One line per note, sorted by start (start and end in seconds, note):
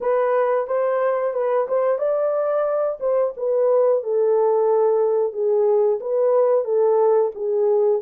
0.00 0.67 B4
0.67 1.33 C5
1.33 1.67 B4
1.68 1.98 C5
1.98 2.98 D5
3.00 3.33 C5
3.36 4.03 B4
4.03 5.32 A4
5.32 5.99 G#4
6.00 6.64 B4
6.64 7.31 A4
7.35 8.01 G#4